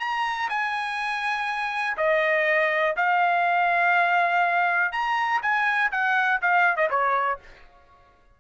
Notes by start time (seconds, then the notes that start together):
0.00 A#5
0.50 G#5
1.98 D#5
2.97 F5
4.92 A#5
5.43 G#5
5.92 F#5
6.42 F5
6.77 D#5
6.91 C#5